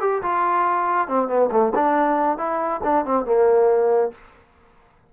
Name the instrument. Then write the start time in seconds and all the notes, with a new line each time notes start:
trombone
0.00 G4
0.22 F4
1.08 C4
1.28 B3
1.51 A3
1.74 D4
2.37 E4
2.83 D4
3.05 C4
3.25 A#3